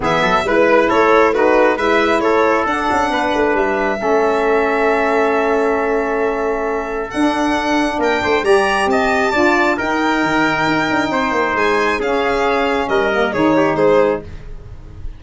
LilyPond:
<<
  \new Staff \with { instrumentName = "violin" } { \time 4/4 \tempo 4 = 135 e''4 b'4 cis''4 b'4 | e''4 cis''4 fis''2 | e''1~ | e''1 |
fis''2 g''4 ais''4 | a''2 g''2~ | g''2 gis''4 f''4~ | f''4 dis''4 cis''4 c''4 | }
  \new Staff \with { instrumentName = "trumpet" } { \time 4/4 gis'8 a'8 b'4 a'4 fis'4 | b'4 a'2 b'4~ | b'4 a'2.~ | a'1~ |
a'2 ais'8 c''8 d''4 | dis''4 d''4 ais'2~ | ais'4 c''2 gis'4~ | gis'4 ais'4 gis'8 g'8 gis'4 | }
  \new Staff \with { instrumentName = "saxophone" } { \time 4/4 b4 e'2 dis'4 | e'2 d'2~ | d'4 cis'2.~ | cis'1 |
d'2. g'4~ | g'4 f'4 dis'2~ | dis'2. cis'4~ | cis'4. ais8 dis'2 | }
  \new Staff \with { instrumentName = "tuba" } { \time 4/4 e8 fis8 gis4 a2 | gis4 a4 d'8 cis'8 b8 a8 | g4 a2.~ | a1 |
d'2 ais8 a8 g4 | c'4 d'4 dis'4 dis4 | dis'8 d'8 c'8 ais8 gis4 cis'4~ | cis'4 g4 dis4 gis4 | }
>>